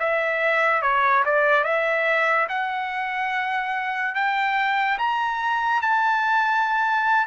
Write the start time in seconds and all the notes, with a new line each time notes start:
0.00 E5
0.83 C#5
1.26 D5
1.64 E5
2.49 F#5
4.15 G5
4.99 A#5
5.82 A5